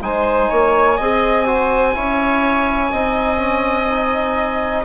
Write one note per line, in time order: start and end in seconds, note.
0.00 0.48 G#3
0.00 0.98 D#4
0.00 0.49 C5
0.00 4.84 G#5
0.49 0.99 A#3
0.49 0.97 C#5
0.97 1.96 C4
0.97 1.46 G#4
0.97 1.45 D#5
1.46 1.94 F#4
1.46 1.95 C5
1.94 2.92 C#4
1.94 2.91 E4
1.94 2.92 C#5
2.91 4.84 C4
2.91 3.37 D#4
2.91 4.84 D#5
3.37 3.86 C#4
3.89 4.84 D#4